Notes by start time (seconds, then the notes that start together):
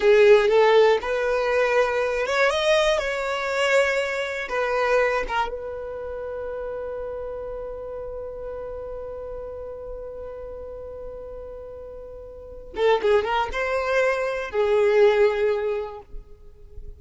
0.00 G#4
0.48 A4
1.01 B4
2.26 C#5
2.50 D#5
2.98 C#5
4.48 B4
5.27 A#4
5.48 B4
12.76 A4
13.02 G#4
13.24 A#4
13.52 C5
14.50 G#4